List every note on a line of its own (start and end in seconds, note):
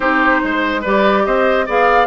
0.00 0.41 C4
0.00 0.83 D#4
0.00 0.41 G4
0.00 0.82 C5
0.43 0.85 G#3
0.43 0.81 C5
0.81 1.26 G3
0.81 1.67 G4
0.81 1.22 B4
0.81 1.25 D5
1.25 1.68 C4
1.25 1.66 C5
1.25 1.67 D#5
1.66 2.06 B3
1.66 2.06 G#4
1.66 2.06 D5
1.66 2.06 F5